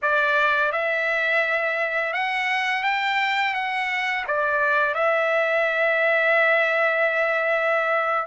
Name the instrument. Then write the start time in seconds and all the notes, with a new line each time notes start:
trumpet
0.02 D5
0.72 E5
2.13 F#5
2.83 G5
3.54 F#5
4.27 D5
4.94 E5